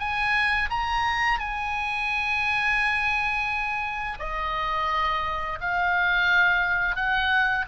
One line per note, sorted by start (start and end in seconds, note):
0.00 0.70 G#5
0.70 1.40 A#5
1.40 4.19 G#5
4.20 5.59 D#5
5.61 6.96 F5
6.96 7.66 F#5